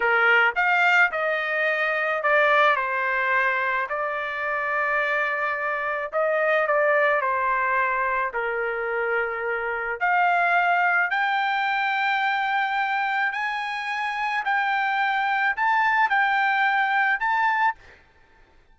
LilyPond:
\new Staff \with { instrumentName = "trumpet" } { \time 4/4 \tempo 4 = 108 ais'4 f''4 dis''2 | d''4 c''2 d''4~ | d''2. dis''4 | d''4 c''2 ais'4~ |
ais'2 f''2 | g''1 | gis''2 g''2 | a''4 g''2 a''4 | }